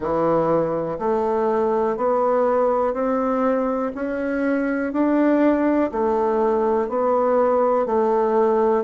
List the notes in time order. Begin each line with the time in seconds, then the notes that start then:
0.00 E3
0.98 A3
1.97 B3
2.93 C4
3.94 C#4
4.92 D4
5.92 A3
6.89 B3
7.86 A3